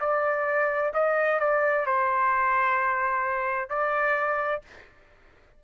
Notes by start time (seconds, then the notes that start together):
0.00 D5
0.94 D#5
1.40 D5
1.86 C5
3.69 D5